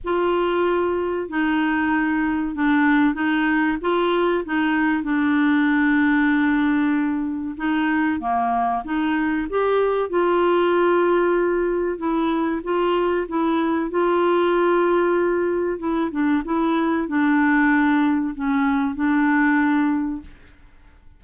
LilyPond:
\new Staff \with { instrumentName = "clarinet" } { \time 4/4 \tempo 4 = 95 f'2 dis'2 | d'4 dis'4 f'4 dis'4 | d'1 | dis'4 ais4 dis'4 g'4 |
f'2. e'4 | f'4 e'4 f'2~ | f'4 e'8 d'8 e'4 d'4~ | d'4 cis'4 d'2 | }